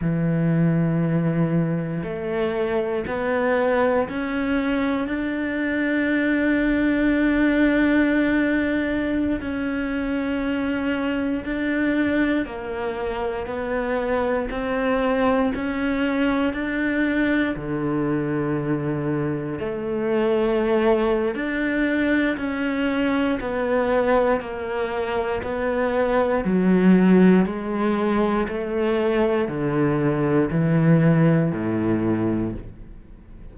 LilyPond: \new Staff \with { instrumentName = "cello" } { \time 4/4 \tempo 4 = 59 e2 a4 b4 | cis'4 d'2.~ | d'4~ d'16 cis'2 d'8.~ | d'16 ais4 b4 c'4 cis'8.~ |
cis'16 d'4 d2 a8.~ | a4 d'4 cis'4 b4 | ais4 b4 fis4 gis4 | a4 d4 e4 a,4 | }